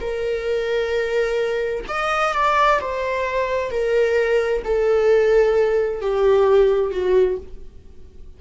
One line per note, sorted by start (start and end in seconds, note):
0.00 1.85 A#4
1.88 2.33 D#5
2.33 2.79 D5
2.81 3.70 C5
3.70 4.63 A#4
4.64 6.01 A4
6.01 6.91 G4
6.91 7.37 F#4